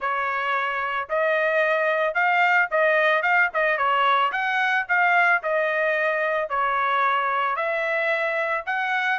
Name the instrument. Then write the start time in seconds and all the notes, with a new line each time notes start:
trumpet
0.00 C#5
1.09 D#5
2.14 F5
2.70 D#5
3.22 F5
3.53 D#5
3.77 C#5
4.32 F#5
4.88 F5
5.42 D#5
6.49 C#5
7.56 E5
8.66 F#5